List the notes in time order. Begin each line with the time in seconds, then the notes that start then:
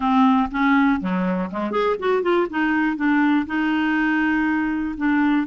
0.00 C4
0.51 C#4
1.00 F#3
1.50 G#3
1.71 G#4
1.99 F#4
2.22 F4
2.50 D#4
2.96 D4
3.46 D#4
4.97 D4